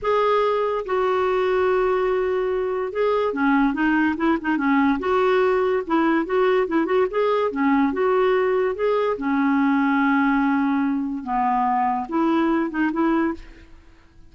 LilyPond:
\new Staff \with { instrumentName = "clarinet" } { \time 4/4 \tempo 4 = 144 gis'2 fis'2~ | fis'2. gis'4 | cis'4 dis'4 e'8 dis'8 cis'4 | fis'2 e'4 fis'4 |
e'8 fis'8 gis'4 cis'4 fis'4~ | fis'4 gis'4 cis'2~ | cis'2. b4~ | b4 e'4. dis'8 e'4 | }